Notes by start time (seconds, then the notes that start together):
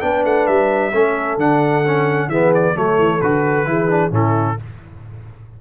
0.00 B3 D4 B4 G5
0.25 A3 F#5
0.46 G3 E5
0.91 A3 C#4 A4
1.37 D3 D4 F#5
1.85 C#4
2.28 E3 B3 G#4 E5
2.54 D5
2.75 F#3 A3 A4 C#5
2.98 E3
3.21 D3 F#4 B4
3.65 E3 E4 G#4
3.88 D4
4.11 A2 C#4 E4 A4